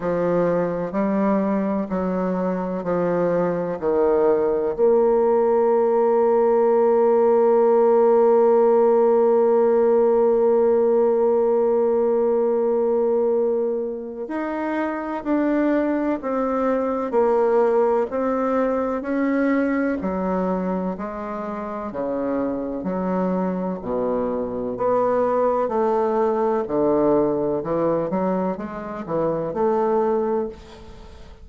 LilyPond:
\new Staff \with { instrumentName = "bassoon" } { \time 4/4 \tempo 4 = 63 f4 g4 fis4 f4 | dis4 ais2.~ | ais1~ | ais2. dis'4 |
d'4 c'4 ais4 c'4 | cis'4 fis4 gis4 cis4 | fis4 b,4 b4 a4 | d4 e8 fis8 gis8 e8 a4 | }